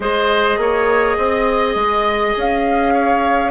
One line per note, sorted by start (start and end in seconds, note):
0.00 0.57 G#3
0.00 3.51 G#4
0.00 0.59 C5
0.00 2.37 D#5
0.57 1.16 A#3
0.57 1.17 C#5
1.17 1.75 C4
1.17 2.93 D#5
1.75 2.34 G#3
2.36 3.51 C#4
2.36 3.51 F5
2.93 3.51 C#5